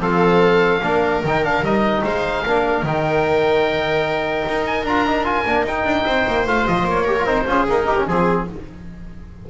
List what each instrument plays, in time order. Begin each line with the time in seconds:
0.00 double bass F3, trombone C4, viola A4, oboe F5
0.81 double bass A#3, trombone D4, viola A#4
1.23 double bass D#3, trombone D#4, oboe G5
1.44 trombone D4, oboe F5
1.62 double bass G3, trombone D#4, oboe D#5
2.04 double bass G#3, viola C5, oboe F5
2.46 double bass A#3, trombone D4, viola A#4
2.83 double bass D#3, trombone D#4, oboe G5
4.49 double bass D#4
4.66 oboe G#5
4.83 double bass D4, trombone F4, oboe A#5
5.08 trombone D#4
5.24 trombone F4, oboe G#5
5.46 double bass A#3, trombone D4
5.64 double bass D#4, trombone D#4, oboe G5
5.85 double bass D4
6.06 double bass C4, viola C5
6.27 double bass A#3
6.47 double bass A3, trombone F4, oboe F5
6.67 double bass F3, oboe D#5
6.84 double bass A#3, oboe C#5
7.05 trombone G4, viola A#4
7.19 trombone F4
7.25 double bass C4, trombone D#4, oboe C5
7.47 double bass C#4, trombone F4, viola G#4
7.69 trombone A#3, double bass D#4, oboe A#4
7.86 trombone D#4, viola G4
7.98 trombone C#4
8.07 double bass F3, trombone C4, oboe G#4, viola G#4